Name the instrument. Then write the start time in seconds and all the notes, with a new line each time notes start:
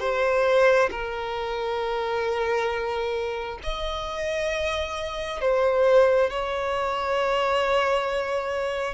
violin
0.00 C5
0.91 A#4
3.64 D#5
5.41 C5
6.31 C#5